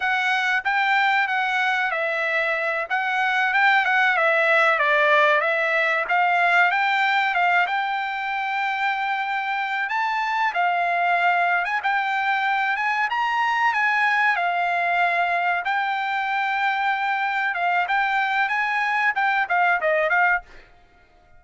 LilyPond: \new Staff \with { instrumentName = "trumpet" } { \time 4/4 \tempo 4 = 94 fis''4 g''4 fis''4 e''4~ | e''8 fis''4 g''8 fis''8 e''4 d''8~ | d''8 e''4 f''4 g''4 f''8 | g''2.~ g''8 a''8~ |
a''8 f''4.~ f''16 gis''16 g''4. | gis''8 ais''4 gis''4 f''4.~ | f''8 g''2. f''8 | g''4 gis''4 g''8 f''8 dis''8 f''8 | }